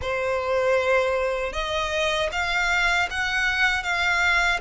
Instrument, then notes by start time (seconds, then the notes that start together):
violin
0.01 C5
1.52 D#5
2.31 F5
3.10 F#5
3.83 F5